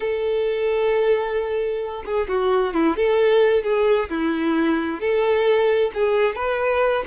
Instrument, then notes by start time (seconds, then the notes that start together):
violin
0.00 A4
2.05 G#4
2.28 F#4
2.73 E4
2.96 A4
3.63 G#4
4.09 E4
5.00 A4
5.93 G#4
6.35 B4